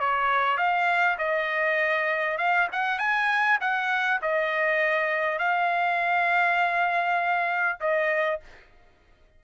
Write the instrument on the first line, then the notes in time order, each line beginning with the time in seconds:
trumpet
0.00 C#5
0.58 F5
1.18 D#5
2.38 F5
2.72 F#5
2.99 G#5
3.61 F#5
4.22 D#5
5.39 F5
7.81 D#5